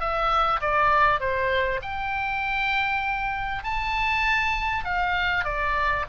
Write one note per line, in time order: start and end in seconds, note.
0.00 0.61 E5
0.61 1.20 D5
1.20 1.80 C5
1.82 3.64 G5
3.64 4.84 A5
4.84 5.44 F5
5.44 6.05 D5